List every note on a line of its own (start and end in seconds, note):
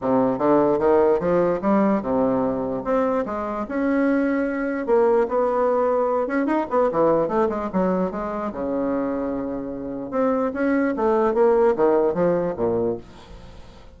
0.01 0.38 C3
0.38 0.79 D3
0.79 1.19 D#3
1.19 1.60 F3
1.61 2.02 G3
2.02 2.83 C3
2.84 3.24 C4
3.25 3.66 G#3
3.68 4.86 C#4
4.86 5.26 A#3
5.28 6.27 B3
6.27 6.46 C#4
6.46 6.66 D#4
6.70 6.90 B3
6.91 7.28 E3
7.28 7.48 A3
7.49 7.69 G#3
7.72 8.11 F#3
8.11 8.52 G#3
8.52 10.11 C#3
10.11 10.51 C4
10.53 10.94 C#4
10.96 11.34 A3
11.34 11.74 A#3
11.76 12.13 D#3
12.13 12.54 F3
12.56 12.97 A#2